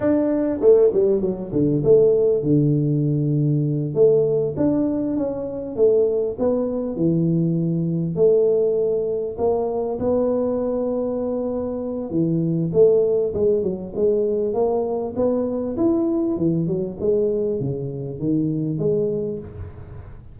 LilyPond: \new Staff \with { instrumentName = "tuba" } { \time 4/4 \tempo 4 = 99 d'4 a8 g8 fis8 d8 a4 | d2~ d8 a4 d'8~ | d'8 cis'4 a4 b4 e8~ | e4. a2 ais8~ |
ais8 b2.~ b8 | e4 a4 gis8 fis8 gis4 | ais4 b4 e'4 e8 fis8 | gis4 cis4 dis4 gis4 | }